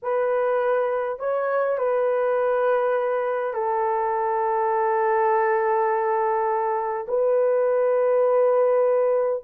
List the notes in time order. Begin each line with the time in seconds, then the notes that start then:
0.02 B4
1.19 C#5
1.78 B4
3.53 A4
7.07 B4